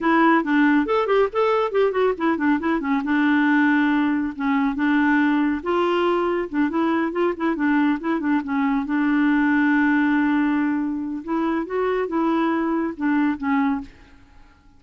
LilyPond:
\new Staff \with { instrumentName = "clarinet" } { \time 4/4 \tempo 4 = 139 e'4 d'4 a'8 g'8 a'4 | g'8 fis'8 e'8 d'8 e'8 cis'8 d'4~ | d'2 cis'4 d'4~ | d'4 f'2 d'8 e'8~ |
e'8 f'8 e'8 d'4 e'8 d'8 cis'8~ | cis'8 d'2.~ d'8~ | d'2 e'4 fis'4 | e'2 d'4 cis'4 | }